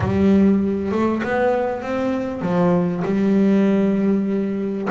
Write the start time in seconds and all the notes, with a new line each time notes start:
0.00 G3
0.91 A3
1.23 B3
1.82 C4
2.41 F3
3.04 G3